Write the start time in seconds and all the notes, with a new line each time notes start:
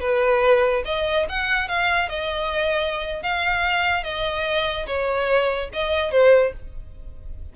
0.00 B4
0.85 D#5
1.29 F#5
1.68 F5
2.09 D#5
3.22 F5
4.03 D#5
4.86 C#5
5.73 D#5
6.11 C5